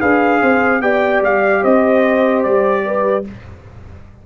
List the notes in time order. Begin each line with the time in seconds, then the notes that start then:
0.00 D4 G#4 B4 F5
0.42 C4 C5
0.81 B3 G4 D5 G5
1.22 G3 F5
1.62 C4 C5 D#5
2.44 G3 D5
2.86 B4